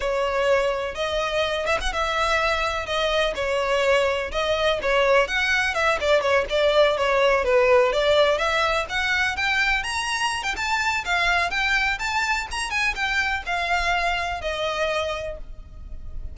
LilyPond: \new Staff \with { instrumentName = "violin" } { \time 4/4 \tempo 4 = 125 cis''2 dis''4. e''16 fis''16 | e''2 dis''4 cis''4~ | cis''4 dis''4 cis''4 fis''4 | e''8 d''8 cis''8 d''4 cis''4 b'8~ |
b'8 d''4 e''4 fis''4 g''8~ | g''8 ais''4~ ais''16 g''16 a''4 f''4 | g''4 a''4 ais''8 gis''8 g''4 | f''2 dis''2 | }